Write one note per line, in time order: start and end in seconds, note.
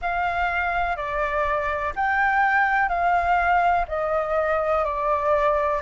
0.01 0.96 F5
0.96 1.93 D5
1.95 2.89 G5
2.89 3.85 F5
3.88 4.84 D#5
4.84 5.81 D5